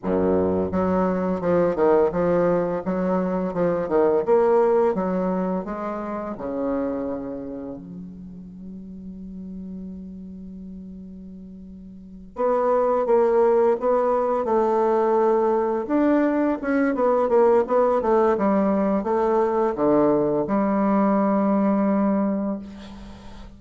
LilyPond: \new Staff \with { instrumentName = "bassoon" } { \time 4/4 \tempo 4 = 85 fis,4 fis4 f8 dis8 f4 | fis4 f8 dis8 ais4 fis4 | gis4 cis2 fis4~ | fis1~ |
fis4. b4 ais4 b8~ | b8 a2 d'4 cis'8 | b8 ais8 b8 a8 g4 a4 | d4 g2. | }